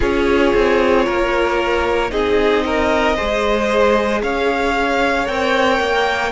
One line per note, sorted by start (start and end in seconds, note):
0.00 0.53 C#4
0.00 2.09 F4
0.00 1.05 G#4
0.00 2.11 C#5
0.54 1.07 C4
1.05 2.11 A#3
1.05 2.11 A#4
2.09 3.16 C4
2.09 3.15 D#4
2.09 2.63 G#4
2.09 4.21 D#5
2.65 3.16 A#4
3.16 4.22 G#3
3.16 5.25 G#4
3.16 4.21 C5
4.22 5.27 C#4
4.22 6.31 C#5
4.22 5.27 F5
5.25 5.79 C4
5.25 6.30 A#4
5.25 6.31 G5
5.79 6.31 A#3